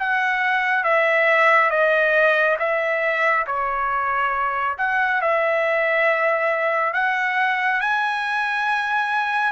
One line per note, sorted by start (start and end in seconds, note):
0.00 0.84 F#5
0.84 1.70 E5
1.70 2.57 D#5
2.59 3.46 E5
3.47 4.77 C#5
4.78 5.22 F#5
5.22 6.94 E5
6.94 7.81 F#5
7.81 9.53 G#5